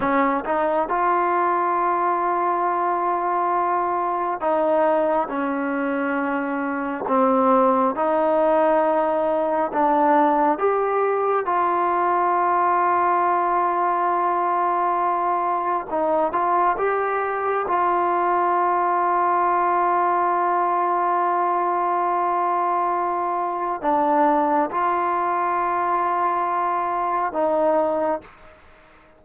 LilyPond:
\new Staff \with { instrumentName = "trombone" } { \time 4/4 \tempo 4 = 68 cis'8 dis'8 f'2.~ | f'4 dis'4 cis'2 | c'4 dis'2 d'4 | g'4 f'2.~ |
f'2 dis'8 f'8 g'4 | f'1~ | f'2. d'4 | f'2. dis'4 | }